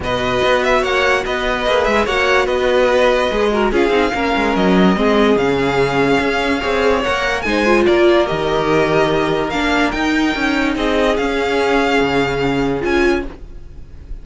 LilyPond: <<
  \new Staff \with { instrumentName = "violin" } { \time 4/4 \tempo 4 = 145 dis''4. e''8 fis''4 dis''4~ | dis''8 e''8 fis''4 dis''2~ | dis''4 f''2 dis''4~ | dis''4 f''2.~ |
f''4 fis''4 gis''4 d''4 | dis''2. f''4 | g''2 dis''4 f''4~ | f''2. gis''4 | }
  \new Staff \with { instrumentName = "violin" } { \time 4/4 b'2 cis''4 b'4~ | b'4 cis''4 b'2~ | b'8 ais'8 gis'4 ais'2 | gis'1 |
cis''2 c''4 ais'4~ | ais'1~ | ais'2 gis'2~ | gis'1 | }
  \new Staff \with { instrumentName = "viola" } { \time 4/4 fis'1 | gis'4 fis'2. | gis'8 fis'8 f'8 dis'8 cis'2 | c'4 cis'2. |
gis'4 ais'4 dis'8 f'4. | g'2. d'4 | dis'2. cis'4~ | cis'2. f'4 | }
  \new Staff \with { instrumentName = "cello" } { \time 4/4 b,4 b4 ais4 b4 | ais8 gis8 ais4 b2 | gis4 cis'8 c'8 ais8 gis8 fis4 | gis4 cis2 cis'4 |
c'4 ais4 gis4 ais4 | dis2. ais4 | dis'4 cis'4 c'4 cis'4~ | cis'4 cis2 cis'4 | }
>>